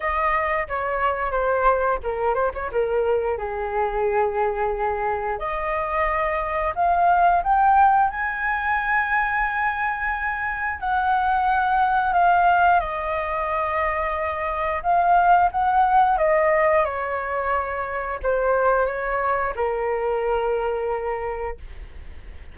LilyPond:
\new Staff \with { instrumentName = "flute" } { \time 4/4 \tempo 4 = 89 dis''4 cis''4 c''4 ais'8 c''16 cis''16 | ais'4 gis'2. | dis''2 f''4 g''4 | gis''1 |
fis''2 f''4 dis''4~ | dis''2 f''4 fis''4 | dis''4 cis''2 c''4 | cis''4 ais'2. | }